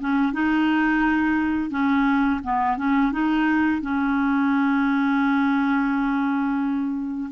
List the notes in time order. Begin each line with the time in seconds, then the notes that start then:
0.00 C#4
0.33 D#4
1.70 C#4
2.44 B3
2.77 C#4
3.12 D#4
3.82 C#4